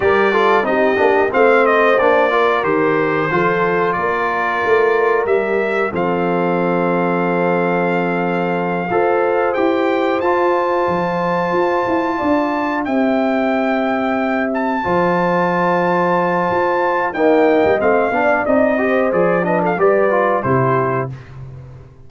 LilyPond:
<<
  \new Staff \with { instrumentName = "trumpet" } { \time 4/4 \tempo 4 = 91 d''4 dis''4 f''8 dis''8 d''4 | c''2 d''2 | e''4 f''2.~ | f''2~ f''8 g''4 a''8~ |
a''2.~ a''8 g''8~ | g''2 a''2~ | a''2 g''4 f''4 | dis''4 d''8 dis''16 f''16 d''4 c''4 | }
  \new Staff \with { instrumentName = "horn" } { \time 4/4 ais'8 a'8 g'4 c''4. ais'8~ | ais'4 a'4 ais'2~ | ais'4 a'2.~ | a'4. c''2~ c''8~ |
c''2~ c''8 d''4 e''8~ | e''2~ e''8 c''4.~ | c''2 dis''4. d''8~ | d''8 c''4 b'16 a'16 b'4 g'4 | }
  \new Staff \with { instrumentName = "trombone" } { \time 4/4 g'8 f'8 dis'8 d'8 c'4 d'8 f'8 | g'4 f'2. | g'4 c'2.~ | c'4. a'4 g'4 f'8~ |
f'2.~ f'8 g'8~ | g'2~ g'8 f'4.~ | f'2 ais4 c'8 d'8 | dis'8 g'8 gis'8 d'8 g'8 f'8 e'4 | }
  \new Staff \with { instrumentName = "tuba" } { \time 4/4 g4 c'8 ais8 a4 ais4 | dis4 f4 ais4 a4 | g4 f2.~ | f4. f'4 e'4 f'8~ |
f'8 f4 f'8 e'8 d'4 c'8~ | c'2~ c'8 f4.~ | f4 f'4 dis'8. g16 a8 b8 | c'4 f4 g4 c4 | }
>>